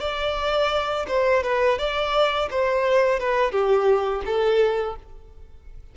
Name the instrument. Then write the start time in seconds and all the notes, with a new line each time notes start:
violin
0.00 D5
1.08 C5
1.43 B4
1.78 D5
2.51 C5
3.20 B4
3.52 G4
4.26 A4